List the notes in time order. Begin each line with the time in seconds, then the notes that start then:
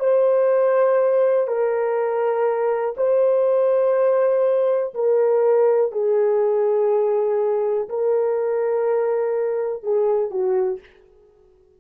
0.00 C5
1.48 A#4
2.97 C5
4.94 A#4
5.92 G#4
7.89 A#4
9.84 G#4
10.31 F#4